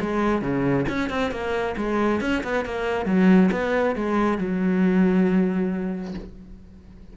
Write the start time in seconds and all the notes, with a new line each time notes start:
0.00 G#3
0.41 C#3
0.88 C#4
1.09 C4
1.31 A#3
1.76 G#3
2.20 C#4
2.43 B3
2.65 A#3
3.05 F#3
3.51 B3
3.95 G#3
4.38 F#3